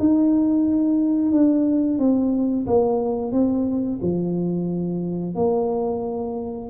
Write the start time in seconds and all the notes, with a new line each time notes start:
0.00 D#4
1.32 D4
1.99 C4
2.67 A#3
3.32 C4
4.02 F3
5.35 A#3